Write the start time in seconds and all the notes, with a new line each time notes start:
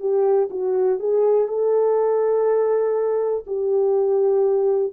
0.00 G4
0.51 F#4
1.00 G#4
1.48 A4
3.47 G4